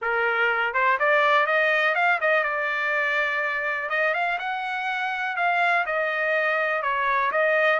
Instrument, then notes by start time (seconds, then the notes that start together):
trumpet
0.01 A#4
0.73 C5
0.99 D5
1.46 D#5
1.94 F5
2.21 D#5
2.43 D5
3.89 D#5
4.14 F5
4.39 F#5
5.36 F5
5.86 D#5
6.82 C#5
7.31 D#5